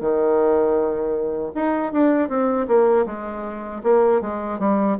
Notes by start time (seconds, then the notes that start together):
0.00 D#3
1.55 D#4
1.92 D4
2.28 C4
2.67 A#3
3.06 G#3
3.83 A#3
4.21 G#3
4.59 G3